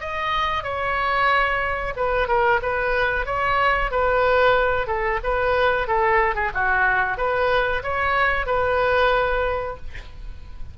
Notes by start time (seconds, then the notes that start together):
0.00 D#5
0.63 C#5
1.96 B4
2.28 A#4
2.62 B4
3.26 C#5
3.91 B4
4.87 A4
5.24 B4
5.87 A4
6.35 G#4
6.54 F#4
7.17 B4
7.83 C#5
8.46 B4